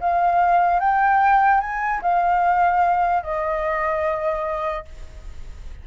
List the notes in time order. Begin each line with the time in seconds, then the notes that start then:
0.00 F5
0.80 G5
1.61 G#5
2.02 F5
3.23 D#5